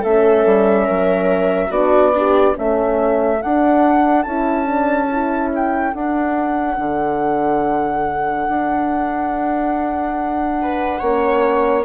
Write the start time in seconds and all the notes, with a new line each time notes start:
0.00 A3 C#4 A4 E5
0.46 G3
0.84 F#3 A#4
1.70 B3 D4 F#4 D5
2.14 D4 G4
2.55 A3 C#4 A4 E5
3.42 D4 F#5
4.23 C#4 E4 A5
4.66 D4
5.12 E4
5.55 G5
5.94 D4 F#5
6.78 D3
8.49 D4
10.62 B4
11.00 A#3 C#4 C#5